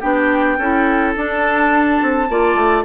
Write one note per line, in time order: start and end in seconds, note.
0.00 0.58 B3
0.00 0.58 D4
0.00 0.57 G4
0.00 1.14 G5
0.58 1.15 C#4
0.58 1.16 E4
0.58 2.28 A4
1.16 2.29 D4
1.16 2.01 D4
1.16 2.84 A5
2.02 2.29 C4
2.29 2.55 A#3
2.29 2.84 F4
2.29 2.84 D5
2.55 2.83 A3